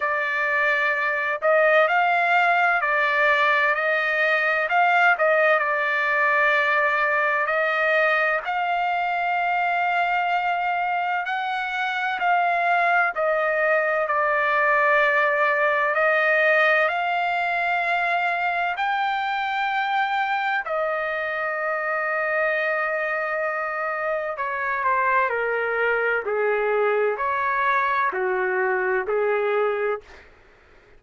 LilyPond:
\new Staff \with { instrumentName = "trumpet" } { \time 4/4 \tempo 4 = 64 d''4. dis''8 f''4 d''4 | dis''4 f''8 dis''8 d''2 | dis''4 f''2. | fis''4 f''4 dis''4 d''4~ |
d''4 dis''4 f''2 | g''2 dis''2~ | dis''2 cis''8 c''8 ais'4 | gis'4 cis''4 fis'4 gis'4 | }